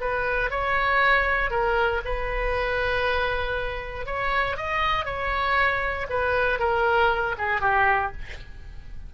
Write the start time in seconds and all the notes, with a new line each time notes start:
0.00 B4
0.50 C#5
1.50 A#4
2.05 B4
4.05 C#5
4.56 D#5
5.05 C#5
6.09 B4
6.59 A#4
7.38 G#4
7.61 G4